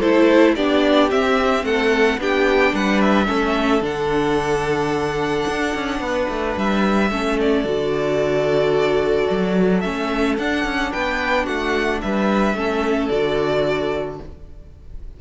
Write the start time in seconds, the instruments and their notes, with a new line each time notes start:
0.00 cello A3, viola E4, violin A4 C5
0.55 cello B3, viola D4, violin G4 D5
1.10 viola C4, cello C4, violin E5
1.64 cello A3, violin A4 F#5
2.19 cello B3, viola D4, violin G4 G5
2.74 cello G3, violin B4 F#5
3.01 violin E5
3.26 cello A3, viola C#4, violin A4
3.82 cello D3, viola D4, violin F#5
5.49 cello D4
5.75 cello C#4
6.00 cello B3, violin B4
6.29 cello A3
6.57 cello G3, violin E5
7.11 cello A3, viola C#4, violin A4
7.40 violin D5
7.65 cello D3, viola F#4
9.31 cello F#3
9.81 cello A3, viola C#4, violin E5
10.38 cello D4, viola D4, violin F#5
10.65 cello C#4
10.91 cello B3, violin B4 G5
11.45 cello A3, violin F#4 F#5
12.02 cello G3, violin B4 E5
12.55 cello A3, viola C#4, violin A4
13.09 cello D3, viola F#4, violin D5